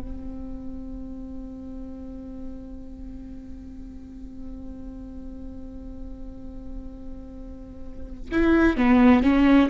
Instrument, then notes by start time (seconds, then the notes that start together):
viola
0.00 C4
8.32 E4
8.77 B3
9.23 C#4